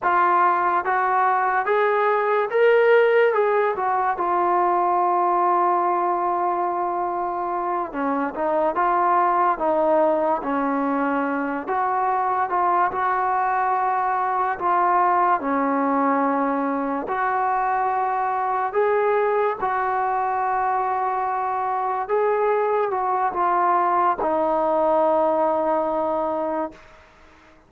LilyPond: \new Staff \with { instrumentName = "trombone" } { \time 4/4 \tempo 4 = 72 f'4 fis'4 gis'4 ais'4 | gis'8 fis'8 f'2.~ | f'4. cis'8 dis'8 f'4 dis'8~ | dis'8 cis'4. fis'4 f'8 fis'8~ |
fis'4. f'4 cis'4.~ | cis'8 fis'2 gis'4 fis'8~ | fis'2~ fis'8 gis'4 fis'8 | f'4 dis'2. | }